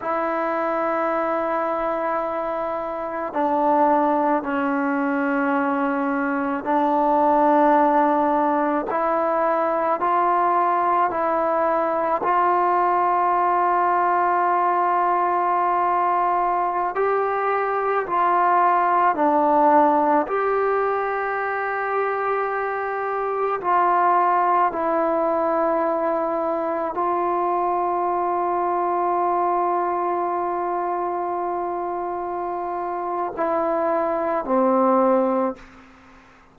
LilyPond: \new Staff \with { instrumentName = "trombone" } { \time 4/4 \tempo 4 = 54 e'2. d'4 | cis'2 d'2 | e'4 f'4 e'4 f'4~ | f'2.~ f'16 g'8.~ |
g'16 f'4 d'4 g'4.~ g'16~ | g'4~ g'16 f'4 e'4.~ e'16~ | e'16 f'2.~ f'8.~ | f'2 e'4 c'4 | }